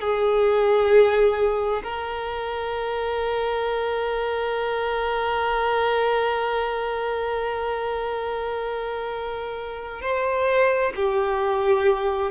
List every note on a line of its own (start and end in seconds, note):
0.00 1.82 G#4
1.83 10.01 A#4
10.01 10.92 C5
10.95 12.31 G4